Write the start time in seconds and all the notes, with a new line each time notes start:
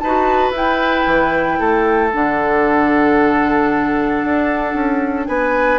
0.00 D#4 B4 A5
0.06 F#4
0.51 E4 G5
1.06 E3
1.60 A3 A4
2.11 D3 D4 F#5
4.24 D4
4.75 C#4
5.27 B3 B4 G#5